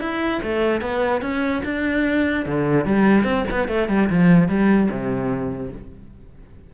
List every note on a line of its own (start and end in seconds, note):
0.00 0.41 E4
0.42 0.81 A3
0.81 1.21 B3
1.21 1.62 C#4
1.64 2.45 D4
2.45 2.85 D3
2.85 3.24 G3
3.24 3.44 C4
3.51 3.68 B3
3.68 3.88 A3
3.88 4.09 G3
4.09 4.48 F3
4.48 4.89 G3
4.91 5.72 C3